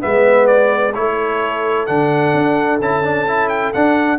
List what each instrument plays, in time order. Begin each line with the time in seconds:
0.00 tuba G#3, trombone B3, horn B4, trumpet E5
0.47 trumpet D5
0.94 tuba A3, trombone E4, horn A4, trumpet C#5
1.86 tuba D3, trombone D4, trumpet F#5
2.34 tuba D4
2.80 tuba C#4, trombone E4, trumpet A5
3.03 trombone D4
3.28 trombone E4
3.49 trumpet G5
3.73 trombone D4, tuba D4, trumpet F#5